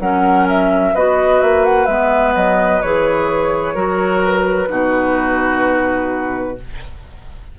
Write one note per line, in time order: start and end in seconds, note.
0.00 0.94 F#3
0.00 0.96 C#4
0.00 0.95 A#4
0.00 0.47 F#5
0.49 0.96 E5
0.95 1.42 B3
0.95 1.88 F#4
0.95 3.75 B4
0.95 1.42 D#5
1.42 1.88 A#3
1.42 1.65 E5
1.65 1.86 F#5
1.86 2.35 G#3
1.86 2.82 B3
1.86 2.33 E5
2.35 2.82 F#3
2.35 2.82 D#5
2.82 3.75 E3
2.82 3.75 G#4
2.82 4.23 C#5
3.75 4.69 F#3
3.75 4.68 F#4
3.75 4.69 A#4
4.25 6.59 B4
4.68 6.58 B2
4.68 6.56 D#4
4.68 6.58 F#4